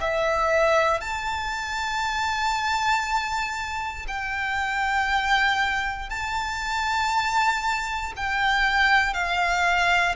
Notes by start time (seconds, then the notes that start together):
0.00 E5
1.01 A5
4.08 G5
6.09 A5
8.16 G5
9.13 F5